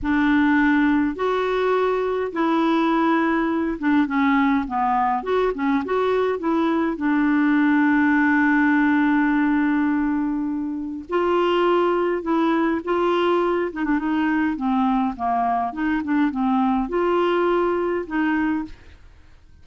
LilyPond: \new Staff \with { instrumentName = "clarinet" } { \time 4/4 \tempo 4 = 103 d'2 fis'2 | e'2~ e'8 d'8 cis'4 | b4 fis'8 cis'8 fis'4 e'4 | d'1~ |
d'2. f'4~ | f'4 e'4 f'4. dis'16 d'16 | dis'4 c'4 ais4 dis'8 d'8 | c'4 f'2 dis'4 | }